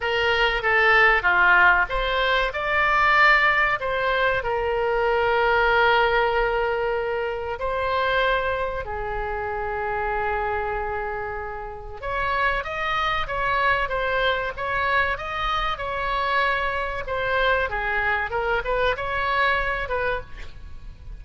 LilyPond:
\new Staff \with { instrumentName = "oboe" } { \time 4/4 \tempo 4 = 95 ais'4 a'4 f'4 c''4 | d''2 c''4 ais'4~ | ais'1 | c''2 gis'2~ |
gis'2. cis''4 | dis''4 cis''4 c''4 cis''4 | dis''4 cis''2 c''4 | gis'4 ais'8 b'8 cis''4. b'8 | }